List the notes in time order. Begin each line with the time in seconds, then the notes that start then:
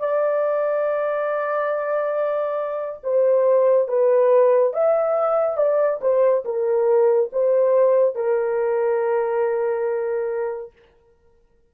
0.00 D5
3.03 C5
3.88 B4
4.73 E5
5.57 D5
6.02 C5
6.45 A#4
7.32 C5
8.15 A#4